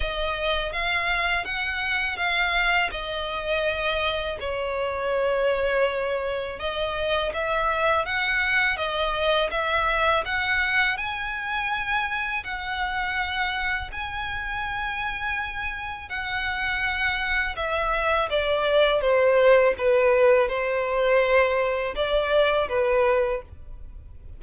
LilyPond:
\new Staff \with { instrumentName = "violin" } { \time 4/4 \tempo 4 = 82 dis''4 f''4 fis''4 f''4 | dis''2 cis''2~ | cis''4 dis''4 e''4 fis''4 | dis''4 e''4 fis''4 gis''4~ |
gis''4 fis''2 gis''4~ | gis''2 fis''2 | e''4 d''4 c''4 b'4 | c''2 d''4 b'4 | }